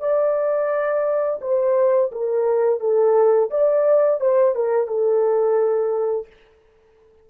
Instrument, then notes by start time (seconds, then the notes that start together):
horn
0.00 D5
1.41 C5
2.12 A#4
2.80 A4
3.51 D5
4.21 C5
4.55 A#4
4.88 A4